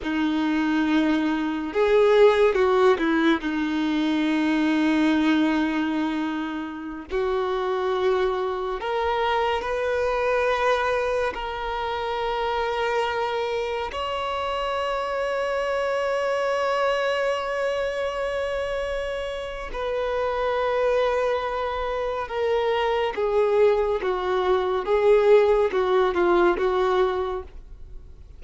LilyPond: \new Staff \with { instrumentName = "violin" } { \time 4/4 \tempo 4 = 70 dis'2 gis'4 fis'8 e'8 | dis'1~ | dis'16 fis'2 ais'4 b'8.~ | b'4~ b'16 ais'2~ ais'8.~ |
ais'16 cis''2.~ cis''8.~ | cis''2. b'4~ | b'2 ais'4 gis'4 | fis'4 gis'4 fis'8 f'8 fis'4 | }